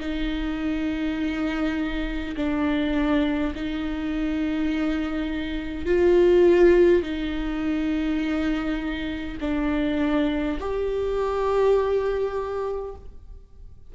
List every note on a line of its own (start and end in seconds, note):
0.00 2.35 D#4
2.36 3.54 D4
3.55 5.86 D#4
5.86 7.03 F4
7.03 9.38 D#4
9.41 10.58 D4
10.60 12.95 G4